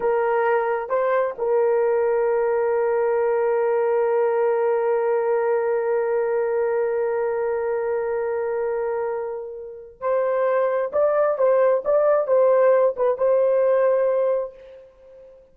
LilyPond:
\new Staff \with { instrumentName = "horn" } { \time 4/4 \tempo 4 = 132 ais'2 c''4 ais'4~ | ais'1~ | ais'1~ | ais'1~ |
ais'1~ | ais'2 c''2 | d''4 c''4 d''4 c''4~ | c''8 b'8 c''2. | }